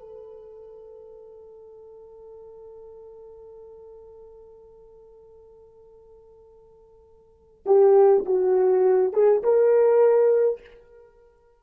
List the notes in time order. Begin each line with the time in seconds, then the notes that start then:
0.00 A4
7.66 G4
8.26 F#4
9.13 G#4
9.44 A#4